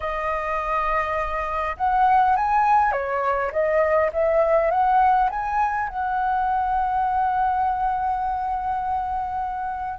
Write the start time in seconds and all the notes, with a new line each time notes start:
0.00 D#5
1.76 F#5
2.36 G#5
2.92 C#5
3.52 D#5
4.13 E5
4.70 F#5
5.29 G#5
5.88 F#5